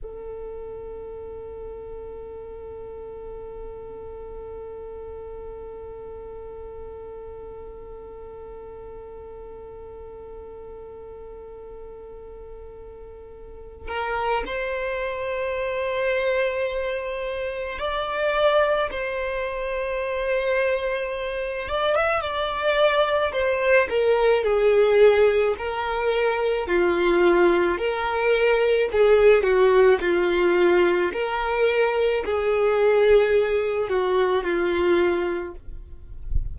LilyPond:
\new Staff \with { instrumentName = "violin" } { \time 4/4 \tempo 4 = 54 a'1~ | a'1~ | a'1~ | a'8 ais'8 c''2. |
d''4 c''2~ c''8 d''16 e''16 | d''4 c''8 ais'8 gis'4 ais'4 | f'4 ais'4 gis'8 fis'8 f'4 | ais'4 gis'4. fis'8 f'4 | }